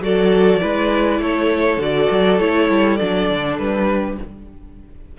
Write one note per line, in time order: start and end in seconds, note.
0.00 0.59 F#3
0.00 0.60 F#4
0.00 0.61 A4
0.00 1.22 D5
0.60 1.19 G#3
0.60 1.78 E4
0.60 1.20 B4
1.19 1.76 A3
1.19 3.87 A4
1.19 1.81 C#5
1.76 2.06 D3
1.76 2.39 F#4
1.76 2.39 D5
2.10 2.39 F#3
2.39 2.69 A3
2.39 2.99 E4
2.39 2.96 C#5
2.69 2.99 G3
2.96 3.29 F#3
2.96 4.18 D4
2.96 3.56 D5
3.29 3.58 D3
3.58 4.17 G3
3.58 4.17 B4
3.87 4.17 G4